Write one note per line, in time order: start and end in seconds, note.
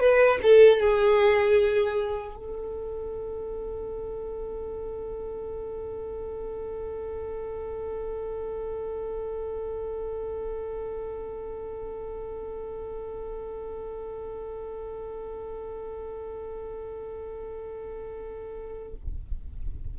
0.00 0.39 B4
0.42 0.80 A4
0.80 2.36 G#4
2.36 18.94 A4